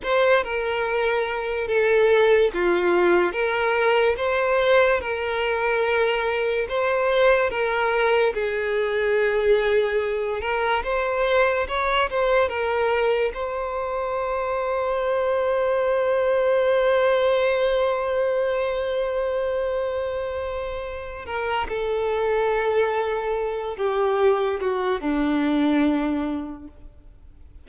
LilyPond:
\new Staff \with { instrumentName = "violin" } { \time 4/4 \tempo 4 = 72 c''8 ais'4. a'4 f'4 | ais'4 c''4 ais'2 | c''4 ais'4 gis'2~ | gis'8 ais'8 c''4 cis''8 c''8 ais'4 |
c''1~ | c''1~ | c''4. ais'8 a'2~ | a'8 g'4 fis'8 d'2 | }